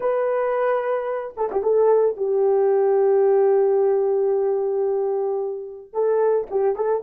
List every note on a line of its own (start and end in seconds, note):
0.00 1.34 B4
1.37 1.50 A4
1.51 1.62 G4
1.62 2.16 A4
2.16 5.93 G4
5.93 6.47 A4
6.50 6.75 G4
6.75 7.02 A4